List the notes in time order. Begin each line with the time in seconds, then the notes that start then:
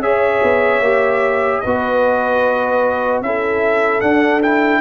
0.00 C#4 G#4 C#5 E5
0.43 B3
0.80 A#3 G4
1.60 B3 F#4 B4 D#5
3.22 C#4 E4 A4 E5
4.01 D4 F#5
4.43 E4 G5